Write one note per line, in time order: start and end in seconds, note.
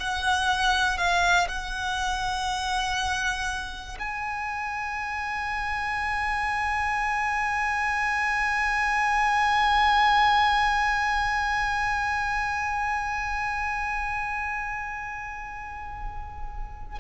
0.00 0.98 F#5
0.98 1.48 F5
1.49 3.99 F#5
3.99 16.99 G#5